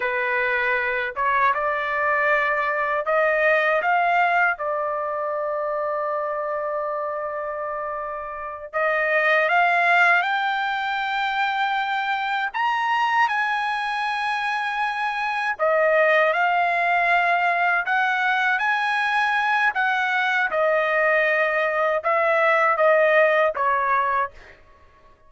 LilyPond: \new Staff \with { instrumentName = "trumpet" } { \time 4/4 \tempo 4 = 79 b'4. cis''8 d''2 | dis''4 f''4 d''2~ | d''2.~ d''8 dis''8~ | dis''8 f''4 g''2~ g''8~ |
g''8 ais''4 gis''2~ gis''8~ | gis''8 dis''4 f''2 fis''8~ | fis''8 gis''4. fis''4 dis''4~ | dis''4 e''4 dis''4 cis''4 | }